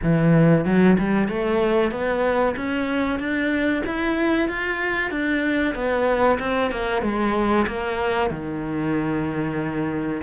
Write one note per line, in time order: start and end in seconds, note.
0.02 0.65 E3
0.65 0.97 F#3
0.98 1.28 G3
1.28 1.91 A3
1.91 2.55 B3
2.56 3.19 C#4
3.19 3.83 D4
3.86 4.48 E4
4.48 5.10 F4
5.10 5.74 D4
5.74 6.38 B3
6.39 6.71 C4
6.71 7.02 A#3
7.02 7.66 G#3
7.67 8.30 A#3
8.30 10.22 D#3